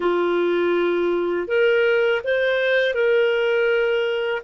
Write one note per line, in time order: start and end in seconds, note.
0.00 1.47 F4
1.47 2.21 A#4
2.24 2.94 C5
2.94 4.42 A#4